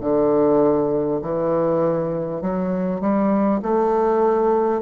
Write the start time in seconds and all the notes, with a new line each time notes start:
0.00 D3
1.22 E3
2.41 F#3
3.00 G3
3.62 A3